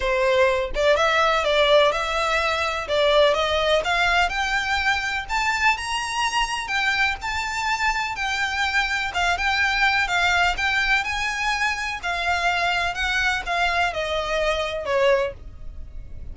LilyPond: \new Staff \with { instrumentName = "violin" } { \time 4/4 \tempo 4 = 125 c''4. d''8 e''4 d''4 | e''2 d''4 dis''4 | f''4 g''2 a''4 | ais''2 g''4 a''4~ |
a''4 g''2 f''8 g''8~ | g''4 f''4 g''4 gis''4~ | gis''4 f''2 fis''4 | f''4 dis''2 cis''4 | }